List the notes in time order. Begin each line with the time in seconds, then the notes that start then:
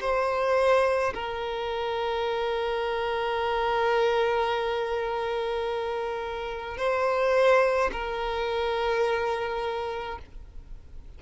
0.00 C5
1.14 A#4
6.78 C5
7.92 A#4